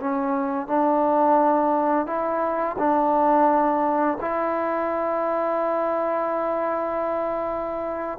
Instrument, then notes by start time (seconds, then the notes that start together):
trombone
0.00 C#4
0.68 D4
2.07 E4
2.79 D4
4.21 E4